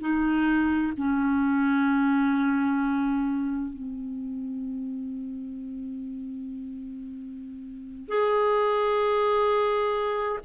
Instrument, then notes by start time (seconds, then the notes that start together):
clarinet
0.00 D#4
0.97 C#4
3.73 C4
8.08 G#4